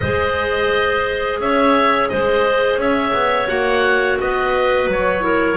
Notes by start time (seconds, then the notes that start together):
0.00 G#3 G#4 C5 D#5
1.39 C#4 C#5 E5
2.09 G#3 C5 D#5
2.77 C#4 C#5 E5
3.13 B3
3.47 A#3 F#4 F#5
4.20 B3 B4 D#5
4.87 F#3 C#5
5.20 E4 A#4